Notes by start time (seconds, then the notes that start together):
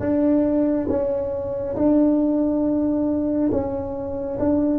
0.00 D4
0.89 C#4
1.76 D4
3.51 C#4
4.39 D4